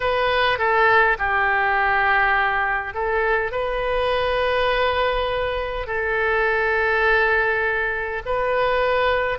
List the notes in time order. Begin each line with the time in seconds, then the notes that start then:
0.00 B4
0.58 A4
1.18 G4
2.94 A4
3.51 B4
5.87 A4
8.25 B4